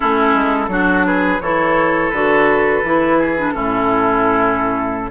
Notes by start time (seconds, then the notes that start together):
0.00 A3 C#4 E4 A4
0.34 G#3
0.68 F#3 D4 F#4
1.05 G#4 B4
1.40 E3 E4 A4 C#5
2.10 D3 F#4 B4
2.83 E3 E4
3.18 G#4
3.37 D4
3.50 A2 C#4 E4 A4